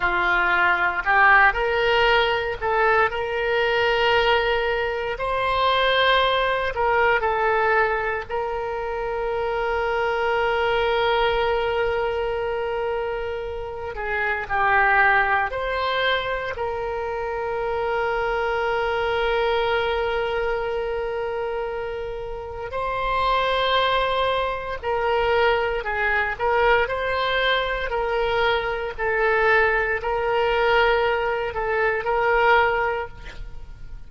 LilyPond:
\new Staff \with { instrumentName = "oboe" } { \time 4/4 \tempo 4 = 58 f'4 g'8 ais'4 a'8 ais'4~ | ais'4 c''4. ais'8 a'4 | ais'1~ | ais'4. gis'8 g'4 c''4 |
ais'1~ | ais'2 c''2 | ais'4 gis'8 ais'8 c''4 ais'4 | a'4 ais'4. a'8 ais'4 | }